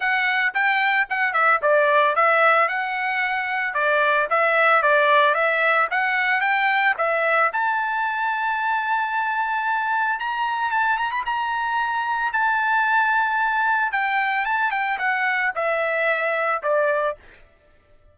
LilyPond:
\new Staff \with { instrumentName = "trumpet" } { \time 4/4 \tempo 4 = 112 fis''4 g''4 fis''8 e''8 d''4 | e''4 fis''2 d''4 | e''4 d''4 e''4 fis''4 | g''4 e''4 a''2~ |
a''2. ais''4 | a''8 ais''16 b''16 ais''2 a''4~ | a''2 g''4 a''8 g''8 | fis''4 e''2 d''4 | }